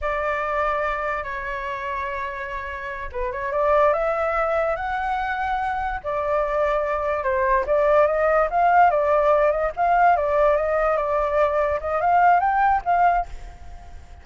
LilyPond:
\new Staff \with { instrumentName = "flute" } { \time 4/4 \tempo 4 = 145 d''2. cis''4~ | cis''2.~ cis''8 b'8 | cis''8 d''4 e''2 fis''8~ | fis''2~ fis''8 d''4.~ |
d''4. c''4 d''4 dis''8~ | dis''8 f''4 d''4. dis''8 f''8~ | f''8 d''4 dis''4 d''4.~ | d''8 dis''8 f''4 g''4 f''4 | }